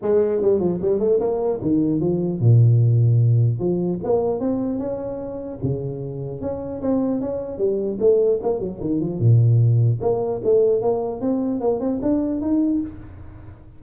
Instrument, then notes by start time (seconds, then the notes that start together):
tuba
0.02 G#3
0.41 G3
0.59 F3
0.81 G3
0.99 A3
1.19 A#3
1.61 D#3
2.00 F3
2.39 A#2
3.59 F3
4.03 A#3
4.40 C4
4.79 C#4
5.63 C#3
6.41 C#4
6.81 C4
7.20 C#4
7.58 G3
7.99 A3
8.42 A#3
8.59 F#3
8.80 D#3
9.00 F3
9.19 A#2
10.01 A#3
10.44 A3
10.81 A#3
11.20 C4
11.60 A#3
11.80 C4
12.01 D4
12.41 D#4